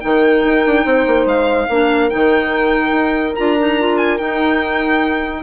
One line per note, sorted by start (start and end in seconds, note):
0.00 0.44 D#3
0.00 1.68 D#4
0.00 0.85 A#4
0.00 1.25 G5
0.44 0.65 D#4
0.66 0.85 D4
0.85 1.06 C4
0.85 1.69 C5
1.06 1.25 A#3
1.25 1.67 G#3
1.25 2.10 F5
1.69 2.11 A#3
1.69 2.11 D4
1.69 5.43 A#4
2.10 2.91 D#3
2.10 3.36 D#4
2.10 3.35 G5
2.91 3.33 D#4
3.35 4.20 D4
3.35 3.58 F4
3.35 3.97 A#5
3.58 3.79 D#4
3.80 4.19 F4
3.97 4.18 G#5
4.18 5.43 D#4
4.18 5.43 G5